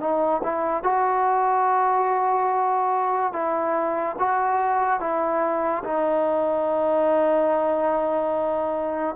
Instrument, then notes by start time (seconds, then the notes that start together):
trombone
0.00 D#4
0.43 E4
0.83 F#4
3.33 E4
4.19 F#4
5.00 E4
5.84 D#4